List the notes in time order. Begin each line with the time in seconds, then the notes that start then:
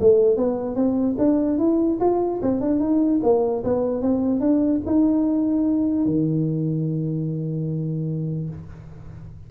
0.00 A3
0.37 B3
0.75 C4
1.18 D4
1.58 E4
2.00 F4
2.42 C4
2.60 D4
2.80 D#4
3.23 A#3
3.64 B3
4.02 C4
4.40 D4
4.86 D#4
6.06 D#3